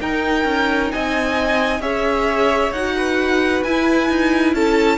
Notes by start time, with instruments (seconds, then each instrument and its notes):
0.00 cello D#4, viola D#4, violin A#4 G5
0.44 cello C#4
0.91 cello C4, violin D#5 G#5
1.80 cello C#4, viola G#4, violin C#5 E5
2.72 cello D#4, viola F#4, violin F#5
2.97 violin B4
3.63 cello E4, viola E4, violin G#5
4.10 cello D#4
4.53 cello C#4, violin A4 A5